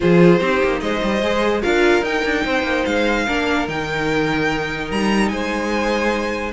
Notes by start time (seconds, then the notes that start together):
0.00 F3 F4 G#4 C5
0.40 C4 D#4 G4
0.62 A#3
0.79 G#3 C5 D#5
1.02 G3
1.22 G#3 G#4
1.61 D4 F4 A#4 F5
2.02 D#4 G5
2.24 D4
2.44 C4 C5
2.63 A#3
2.85 G#3 F5
3.25 A#3 D4 A#4
3.67 D#3 D#4 G5
4.90 G3 A#5
5.29 G#3 C5 G#5